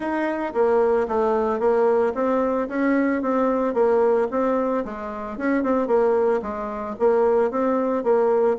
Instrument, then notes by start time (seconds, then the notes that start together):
bassoon
0.00 D#4
0.53 A#3
1.07 A3
1.59 A#3
2.14 C4
2.68 C#4
3.21 C4
3.74 A#3
4.31 C4
4.84 G#3
5.37 C#4
5.63 C4
5.87 A#3
6.42 G#3
6.99 A#3
7.50 C4
8.03 A#3